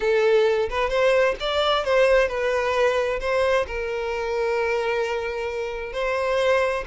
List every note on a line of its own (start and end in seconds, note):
0.00 0.69 A4
0.69 0.89 B4
0.89 1.35 C5
1.39 1.84 D5
1.84 2.28 C5
2.28 3.19 B4
3.20 3.66 C5
3.66 5.93 A#4
5.93 6.84 C5